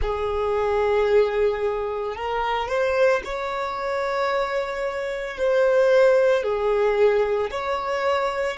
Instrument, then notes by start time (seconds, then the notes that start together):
violin
0.01 G#4
2.16 A#4
2.68 C5
3.24 C#5
5.37 C5
6.43 G#4
7.50 C#5